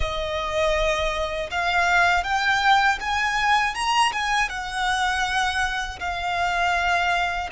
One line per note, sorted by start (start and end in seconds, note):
0.00 1.50 D#5
1.50 2.23 F5
2.23 2.98 G5
3.00 3.74 G#5
3.74 4.12 A#5
4.12 4.49 G#5
4.49 5.99 F#5
5.99 7.49 F5